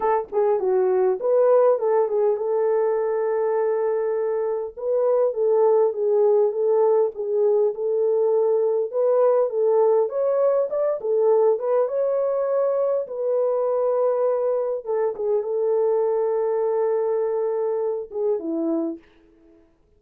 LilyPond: \new Staff \with { instrumentName = "horn" } { \time 4/4 \tempo 4 = 101 a'8 gis'8 fis'4 b'4 a'8 gis'8 | a'1 | b'4 a'4 gis'4 a'4 | gis'4 a'2 b'4 |
a'4 cis''4 d''8 a'4 b'8 | cis''2 b'2~ | b'4 a'8 gis'8 a'2~ | a'2~ a'8 gis'8 e'4 | }